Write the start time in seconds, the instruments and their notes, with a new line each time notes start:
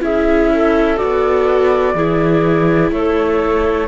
0.00 cello C#4, viola E4, clarinet G#4, flute E5
0.53 clarinet A4
0.97 viola F#4, flute D5
1.03 cello B3
1.94 cello E3, viola E4, clarinet G#4
2.91 cello A3, clarinet A4, flute C#5